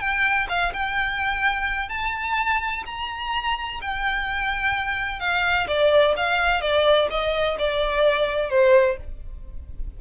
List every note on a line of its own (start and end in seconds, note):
0.00 0.47 G5
0.49 0.73 F5
0.74 1.89 G5
1.89 2.84 A5
2.86 3.80 A#5
3.82 5.20 G5
5.20 5.67 F5
5.68 6.15 D5
6.17 6.61 F5
6.61 7.08 D5
7.10 7.58 D#5
7.59 8.50 D5
8.50 8.97 C5